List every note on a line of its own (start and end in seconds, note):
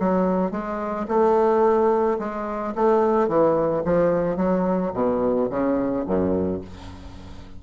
0.00 0.52 F#3
0.52 1.07 G#3
1.08 2.18 A3
2.19 2.74 G#3
2.75 3.28 A3
3.28 3.83 E3
3.85 4.37 F3
4.37 4.92 F#3
4.94 5.49 B2
5.50 6.05 C#3
6.07 6.62 F#2